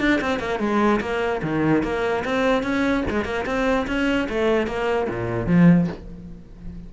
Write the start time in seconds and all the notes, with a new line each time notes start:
0.00 D4
0.21 C4
0.40 A#3
0.59 G#3
1.01 A#3
1.43 D#3
1.83 A#3
2.25 C4
2.63 C#4
3.10 G#3
3.25 A#3
3.46 C4
3.87 C#4
4.29 A3
4.67 A#3
5.09 A#2
5.47 F3